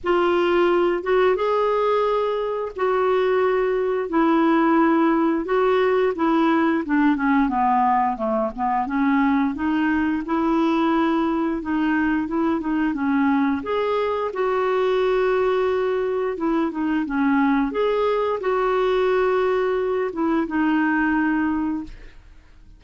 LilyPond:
\new Staff \with { instrumentName = "clarinet" } { \time 4/4 \tempo 4 = 88 f'4. fis'8 gis'2 | fis'2 e'2 | fis'4 e'4 d'8 cis'8 b4 | a8 b8 cis'4 dis'4 e'4~ |
e'4 dis'4 e'8 dis'8 cis'4 | gis'4 fis'2. | e'8 dis'8 cis'4 gis'4 fis'4~ | fis'4. e'8 dis'2 | }